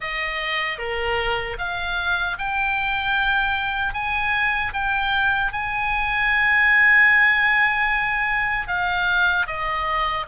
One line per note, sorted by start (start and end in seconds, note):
0.00 0.78 D#5
0.78 1.57 A#4
1.58 2.37 F5
2.38 3.93 G5
3.93 4.72 G#5
4.73 5.52 G5
5.52 8.67 G#5
8.67 9.46 F5
9.47 10.26 D#5